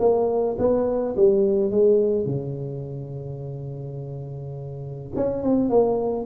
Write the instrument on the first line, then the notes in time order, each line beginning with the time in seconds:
tuba
0.00 A#3
0.59 B3
1.17 G3
1.71 G#3
2.26 C#3
5.16 C#4
5.43 C4
5.70 A#3